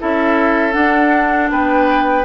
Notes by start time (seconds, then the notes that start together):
0.00 C#4 E4 A4 E5
0.73 D4 F#5
1.51 B3 B4 G5